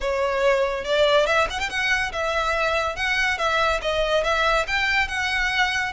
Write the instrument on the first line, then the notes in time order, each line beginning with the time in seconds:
violin
0.00 C#5
0.84 D5
1.26 E5
1.50 F#5
1.59 G5
1.69 F#5
2.12 E5
2.96 F#5
3.38 E5
3.81 D#5
4.23 E5
4.67 G5
5.08 F#5